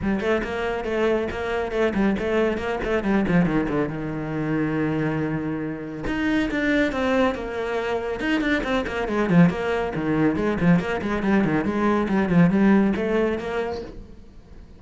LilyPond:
\new Staff \with { instrumentName = "cello" } { \time 4/4 \tempo 4 = 139 g8 a8 ais4 a4 ais4 | a8 g8 a4 ais8 a8 g8 f8 | dis8 d8 dis2.~ | dis2 dis'4 d'4 |
c'4 ais2 dis'8 d'8 | c'8 ais8 gis8 f8 ais4 dis4 | gis8 f8 ais8 gis8 g8 dis8 gis4 | g8 f8 g4 a4 ais4 | }